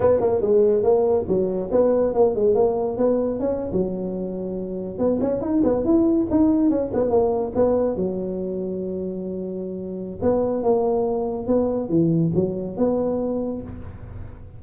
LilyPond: \new Staff \with { instrumentName = "tuba" } { \time 4/4 \tempo 4 = 141 b8 ais8 gis4 ais4 fis4 | b4 ais8 gis8 ais4 b4 | cis'8. fis2. b16~ | b16 cis'8 dis'8 b8 e'4 dis'4 cis'16~ |
cis'16 b8 ais4 b4 fis4~ fis16~ | fis1 | b4 ais2 b4 | e4 fis4 b2 | }